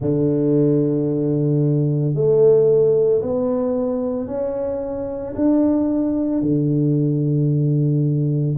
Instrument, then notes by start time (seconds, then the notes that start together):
tuba
0.00 D3
2.14 A3
3.21 B3
4.26 C#4
5.35 D4
6.41 D3